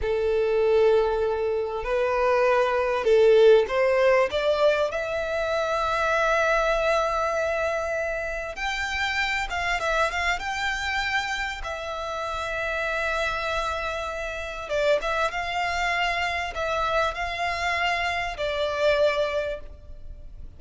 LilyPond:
\new Staff \with { instrumentName = "violin" } { \time 4/4 \tempo 4 = 98 a'2. b'4~ | b'4 a'4 c''4 d''4 | e''1~ | e''2 g''4. f''8 |
e''8 f''8 g''2 e''4~ | e''1 | d''8 e''8 f''2 e''4 | f''2 d''2 | }